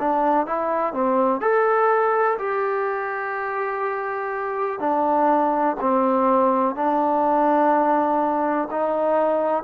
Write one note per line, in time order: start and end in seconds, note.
0.00 0.47 D4
0.47 0.94 E4
0.94 1.41 C4
1.41 2.38 A4
2.39 4.80 G4
4.80 5.77 D4
5.81 6.75 C4
6.75 8.69 D4
8.71 9.64 D#4